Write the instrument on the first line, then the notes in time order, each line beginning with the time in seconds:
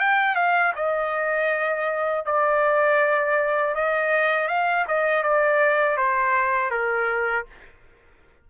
trumpet
0.00 G5
0.36 F5
0.76 D#5
2.26 D5
3.75 D#5
4.48 F5
4.88 D#5
5.23 D5
5.97 C5
6.71 A#4